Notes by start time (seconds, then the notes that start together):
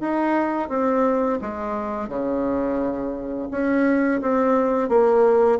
0.00 D#4
0.69 C4
1.41 G#3
2.08 C#3
3.51 C#4
4.21 C4
4.89 A#3